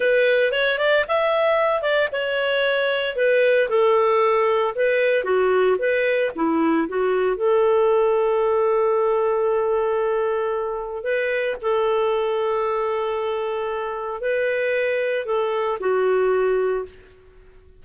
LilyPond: \new Staff \with { instrumentName = "clarinet" } { \time 4/4 \tempo 4 = 114 b'4 cis''8 d''8 e''4. d''8 | cis''2 b'4 a'4~ | a'4 b'4 fis'4 b'4 | e'4 fis'4 a'2~ |
a'1~ | a'4 b'4 a'2~ | a'2. b'4~ | b'4 a'4 fis'2 | }